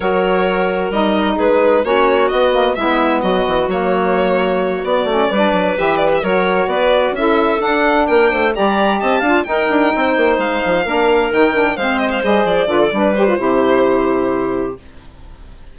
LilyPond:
<<
  \new Staff \with { instrumentName = "violin" } { \time 4/4 \tempo 4 = 130 cis''2 dis''4 b'4 | cis''4 dis''4 e''4 dis''4 | cis''2~ cis''8 d''4.~ | d''8 e''8 d''16 e''16 cis''4 d''4 e''8~ |
e''8 fis''4 g''4 ais''4 a''8~ | a''8 g''2 f''4.~ | f''8 g''4 f''8 dis''16 f''16 dis''8 d''4~ | d''8 c''2.~ c''8 | }
  \new Staff \with { instrumentName = "clarinet" } { \time 4/4 ais'2. gis'4 | fis'2 e'4 fis'4~ | fis'2.~ fis'8 b'8~ | b'4. ais'4 b'4 a'8~ |
a'4. ais'8 c''8 d''4 dis''8 | f''8 ais'4 c''2 ais'8~ | ais'4. c''2 b'16 a'16 | b'4 g'2. | }
  \new Staff \with { instrumentName = "saxophone" } { \time 4/4 fis'2 dis'2 | cis'4 b8 ais8 b2 | ais2~ ais8 b8 cis'8 d'8~ | d'8 g'4 fis'2 e'8~ |
e'8 d'2 g'4. | f'8 dis'2. d'8~ | d'8 dis'8 d'8 c'4 gis'4 f'8 | d'8 g'16 f'16 e'2. | }
  \new Staff \with { instrumentName = "bassoon" } { \time 4/4 fis2 g4 gis4 | ais4 b4 gis4 fis8 e8 | fis2~ fis8 b8 a8 g8 | fis8 e4 fis4 b4 cis'8~ |
cis'8 d'4 ais8 a8 g4 c'8 | d'8 dis'8 d'8 c'8 ais8 gis8 f8 ais8~ | ais8 dis4 gis4 g8 f8 d8 | g4 c2. | }
>>